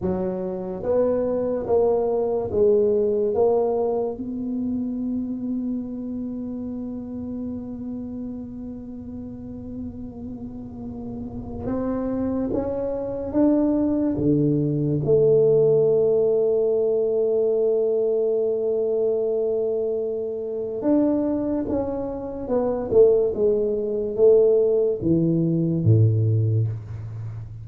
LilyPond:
\new Staff \with { instrumentName = "tuba" } { \time 4/4 \tempo 4 = 72 fis4 b4 ais4 gis4 | ais4 b2.~ | b1~ | b2 c'4 cis'4 |
d'4 d4 a2~ | a1~ | a4 d'4 cis'4 b8 a8 | gis4 a4 e4 a,4 | }